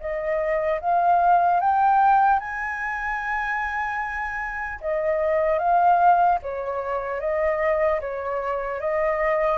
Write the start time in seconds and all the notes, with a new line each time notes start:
0.00 D#5
0.80 F5
1.60 G5
2.39 G#5
4.80 D#5
5.58 F5
6.42 C#5
7.20 D#5
8.01 C#5
8.80 D#5